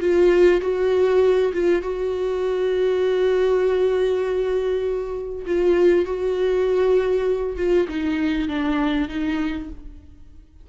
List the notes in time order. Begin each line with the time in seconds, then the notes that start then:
0.00 F4
0.61 F#4
1.53 F4
1.82 F#4
5.46 F4
6.05 F#4
7.57 F4
7.88 D#4
8.48 D4
9.09 D#4